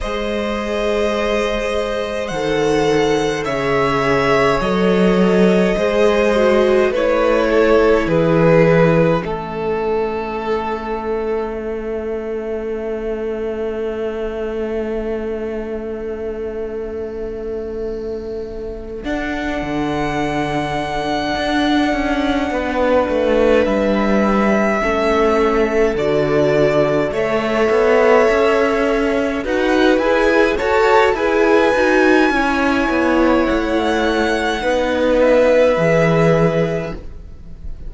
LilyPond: <<
  \new Staff \with { instrumentName = "violin" } { \time 4/4 \tempo 4 = 52 dis''2 fis''4 e''4 | dis''2 cis''4 b'4 | a'2 e''2~ | e''1~ |
e''8 fis''2.~ fis''8~ | fis''8 e''2 d''4 e''8~ | e''4. fis''8 gis''8 a''8 gis''4~ | gis''4 fis''4. e''4. | }
  \new Staff \with { instrumentName = "violin" } { \time 4/4 c''2. cis''4~ | cis''4 c''4 b'8 a'8 gis'4 | a'1~ | a'1~ |
a'2.~ a'8 b'8~ | b'4. a'2 cis''8~ | cis''4. b'4 cis''8 b'4 | cis''2 b'2 | }
  \new Staff \with { instrumentName = "viola" } { \time 4/4 gis'2 a'4 gis'4 | a'4 gis'8 fis'8 e'2 | cis'1~ | cis'1~ |
cis'8 d'2.~ d'8~ | d'4. cis'4 fis'4 a'8~ | a'4. fis'8 gis'8 a'8 gis'8 fis'8 | e'2 dis'4 gis'4 | }
  \new Staff \with { instrumentName = "cello" } { \time 4/4 gis2 dis4 cis4 | fis4 gis4 a4 e4 | a1~ | a1~ |
a8 d'8 d4. d'8 cis'8 b8 | a8 g4 a4 d4 a8 | b8 cis'4 dis'8 e'8 fis'8 e'8 dis'8 | cis'8 b8 a4 b4 e4 | }
>>